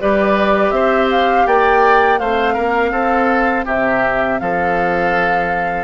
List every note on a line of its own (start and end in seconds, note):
0.00 0.71 G3
0.00 2.19 G4
0.00 0.74 B4
0.00 0.71 D5
0.71 1.45 C4
0.71 1.47 C5
0.71 1.08 E5
1.11 1.47 F5
1.47 2.20 A#3
1.47 2.20 D5
1.47 2.19 G5
2.19 2.57 A3
2.19 5.84 C4
2.19 2.54 C5
2.19 3.65 F5
2.54 2.91 A#3
2.54 2.90 A#4
2.91 3.65 C4
2.91 3.65 A4
3.65 4.39 C3
3.65 4.38 G4
3.65 4.39 E5
4.39 5.84 F3
4.39 5.84 A4
4.39 5.84 F5